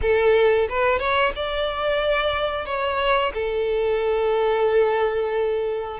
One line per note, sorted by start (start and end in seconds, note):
0.01 0.68 A4
0.69 0.98 B4
0.98 1.32 C#5
1.35 2.65 D5
2.65 3.32 C#5
3.34 5.99 A4